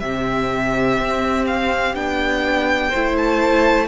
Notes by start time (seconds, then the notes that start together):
0.00 C3 C4 G4 E5
1.00 C4
1.47 F5
1.95 B3 D4 G5
2.89 A3 E4 C5
3.17 A5